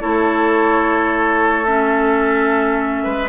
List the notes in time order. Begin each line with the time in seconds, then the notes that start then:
0.00 A3 E4 A4 C#5
1.65 C#4 E5
3.03 G#3 B4